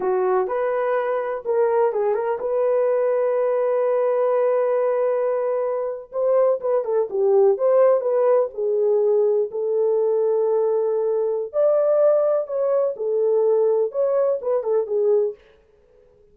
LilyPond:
\new Staff \with { instrumentName = "horn" } { \time 4/4 \tempo 4 = 125 fis'4 b'2 ais'4 | gis'8 ais'8 b'2.~ | b'1~ | b'8. c''4 b'8 a'8 g'4 c''16~ |
c''8. b'4 gis'2 a'16~ | a'1 | d''2 cis''4 a'4~ | a'4 cis''4 b'8 a'8 gis'4 | }